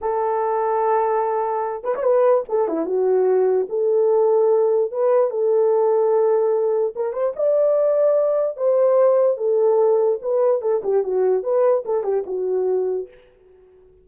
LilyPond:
\new Staff \with { instrumentName = "horn" } { \time 4/4 \tempo 4 = 147 a'1~ | a'8 b'16 cis''16 b'4 a'8 e'8 fis'4~ | fis'4 a'2. | b'4 a'2.~ |
a'4 ais'8 c''8 d''2~ | d''4 c''2 a'4~ | a'4 b'4 a'8 g'8 fis'4 | b'4 a'8 g'8 fis'2 | }